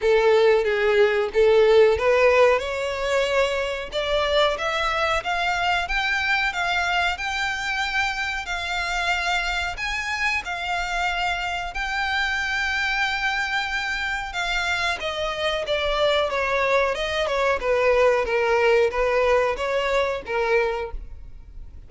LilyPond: \new Staff \with { instrumentName = "violin" } { \time 4/4 \tempo 4 = 92 a'4 gis'4 a'4 b'4 | cis''2 d''4 e''4 | f''4 g''4 f''4 g''4~ | g''4 f''2 gis''4 |
f''2 g''2~ | g''2 f''4 dis''4 | d''4 cis''4 dis''8 cis''8 b'4 | ais'4 b'4 cis''4 ais'4 | }